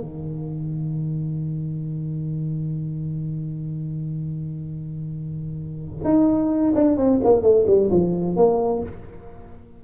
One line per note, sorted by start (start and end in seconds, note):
0.00 6.04 D#3
6.04 6.74 D#4
6.75 6.97 D4
6.97 7.20 C4
7.23 7.42 A#3
7.42 7.65 A3
7.67 7.90 G3
7.91 8.36 F3
8.36 8.82 A#3